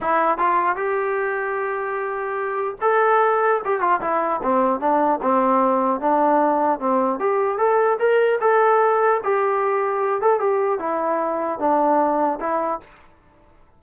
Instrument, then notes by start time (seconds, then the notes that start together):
trombone
0.00 E4
0.37 F4
0.76 G4
2.81 A4
3.64 G4
3.80 F4
4.00 E4
4.43 C4
4.80 D4
5.22 C4
6.00 D4
6.79 C4
7.19 G4
7.58 A4
7.99 A#4
8.40 A4
9.23 G4
10.21 A4
10.40 G4
10.79 E4
11.59 D4
12.40 E4